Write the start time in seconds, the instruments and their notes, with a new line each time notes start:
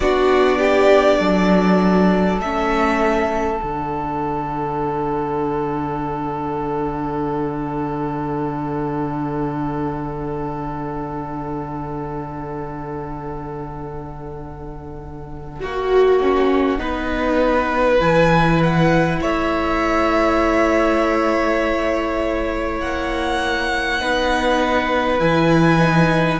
0.00 cello B3, viola D4, violin F#4 D5
0.58 violin G4
1.19 cello F#3, violin A4
2.39 cello A3, viola C#4, violin E5
3.58 cello D3, viola D4, violin F#5
15.60 cello A#3, viola F#4, violin F#4
16.20 viola C#4
16.78 cello B3, viola D#4, violin B4
17.98 cello E3, viola E4, violin G#5
18.62 violin F#5
19.20 cello A3, violin C#5 E5
22.79 cello A#3, violin F#5
23.98 cello B3, viola D#4, violin B4
25.19 cello E3, viola E4, violin G#5
25.78 viola D#4